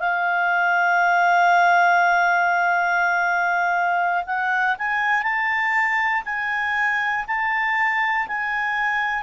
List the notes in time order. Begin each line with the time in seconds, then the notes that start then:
0.00 F5
4.26 F#5
4.79 G#5
5.24 A5
6.26 G#5
7.28 A5
8.28 G#5